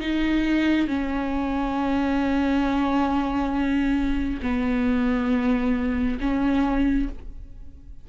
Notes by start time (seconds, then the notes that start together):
0.00 D#4
0.87 C#4
4.42 B3
6.20 C#4